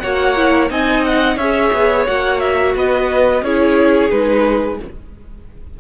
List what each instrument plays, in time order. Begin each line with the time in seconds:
0.00 cello A#3, viola F#4, violin C#5 F#5
0.37 viola E4
0.69 cello C4, viola D#4, violin D#5 G#5
1.05 violin F#5
1.37 cello C#4, viola G#4, violin C#5 E5
1.73 cello B3
2.07 cello A#3, viola F#4, violin F#5
2.40 violin E5
2.75 cello B3, violin B4 D#5
3.42 cello C#4, viola E4, violin G#4 C#5
4.10 cello G#3, viola D#4, violin B4